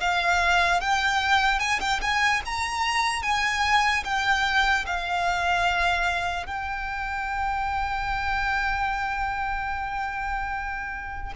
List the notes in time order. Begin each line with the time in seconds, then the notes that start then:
0.00 F5
0.80 G5
1.59 G#5
1.79 G5
2.01 G#5
2.45 A#5
3.22 G#5
4.04 G5
4.86 F5
6.46 G5